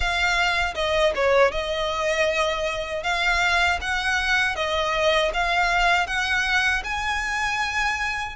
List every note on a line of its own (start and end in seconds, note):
0.00 0.74 F5
0.74 1.12 D#5
1.15 1.51 C#5
1.51 3.03 D#5
3.03 3.79 F5
3.81 4.55 F#5
4.55 5.31 D#5
5.33 6.06 F5
6.06 6.82 F#5
6.84 8.35 G#5